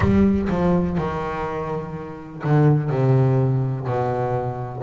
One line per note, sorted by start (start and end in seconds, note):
0.00 0.48 G3
0.49 0.97 F3
0.97 2.42 D#3
2.43 2.89 D3
2.89 3.86 C3
3.87 4.83 B2